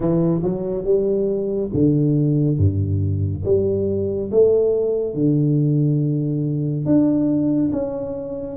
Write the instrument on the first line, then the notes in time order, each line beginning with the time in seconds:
tuba
0.00 E3
0.43 F#3
0.84 G3
1.73 D3
2.58 G2
3.44 G3
4.31 A3
5.14 D3
6.85 D4
7.72 C#4